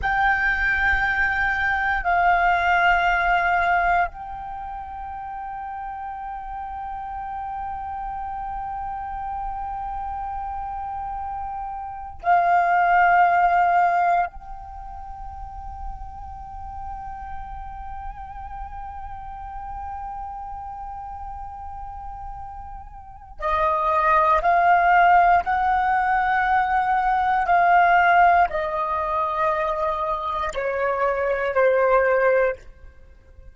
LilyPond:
\new Staff \with { instrumentName = "flute" } { \time 4/4 \tempo 4 = 59 g''2 f''2 | g''1~ | g''1 | f''2 g''2~ |
g''1~ | g''2. dis''4 | f''4 fis''2 f''4 | dis''2 cis''4 c''4 | }